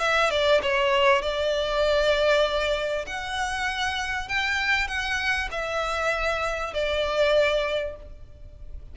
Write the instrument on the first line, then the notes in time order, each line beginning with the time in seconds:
violin
0.00 E5
0.31 D5
0.63 C#5
1.22 D5
3.07 F#5
4.29 G5
4.88 F#5
5.52 E5
6.74 D5